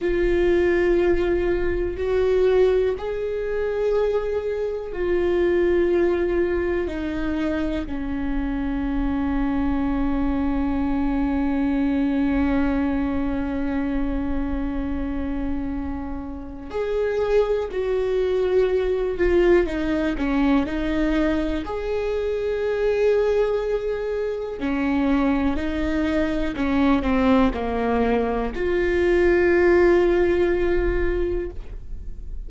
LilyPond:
\new Staff \with { instrumentName = "viola" } { \time 4/4 \tempo 4 = 61 f'2 fis'4 gis'4~ | gis'4 f'2 dis'4 | cis'1~ | cis'1~ |
cis'4 gis'4 fis'4. f'8 | dis'8 cis'8 dis'4 gis'2~ | gis'4 cis'4 dis'4 cis'8 c'8 | ais4 f'2. | }